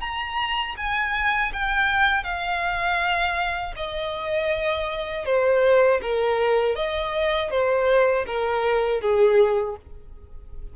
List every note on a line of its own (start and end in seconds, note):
0.00 0.75 A#5
0.77 1.52 G#5
1.53 2.23 G5
2.23 3.73 F5
3.76 5.25 D#5
5.25 6.00 C5
6.01 6.75 A#4
6.75 7.50 D#5
7.50 8.25 C5
8.26 9.01 A#4
9.01 9.76 G#4